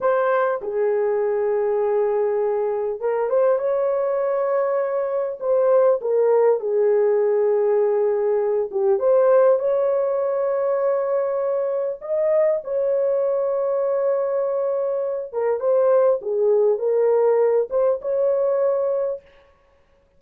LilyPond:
\new Staff \with { instrumentName = "horn" } { \time 4/4 \tempo 4 = 100 c''4 gis'2.~ | gis'4 ais'8 c''8 cis''2~ | cis''4 c''4 ais'4 gis'4~ | gis'2~ gis'8 g'8 c''4 |
cis''1 | dis''4 cis''2.~ | cis''4. ais'8 c''4 gis'4 | ais'4. c''8 cis''2 | }